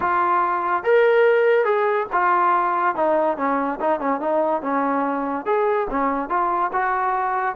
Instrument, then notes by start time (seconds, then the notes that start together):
trombone
0.00 F4
0.83 A#4
1.65 G#4
2.12 F4
2.95 D#4
3.37 C#4
3.80 D#4
4.00 C#4
4.20 D#4
4.62 C#4
5.45 G#4
5.90 C#4
6.29 F4
6.72 F#4